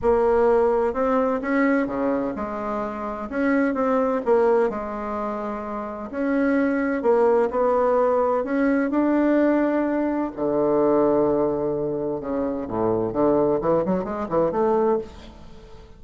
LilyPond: \new Staff \with { instrumentName = "bassoon" } { \time 4/4 \tempo 4 = 128 ais2 c'4 cis'4 | cis4 gis2 cis'4 | c'4 ais4 gis2~ | gis4 cis'2 ais4 |
b2 cis'4 d'4~ | d'2 d2~ | d2 cis4 a,4 | d4 e8 fis8 gis8 e8 a4 | }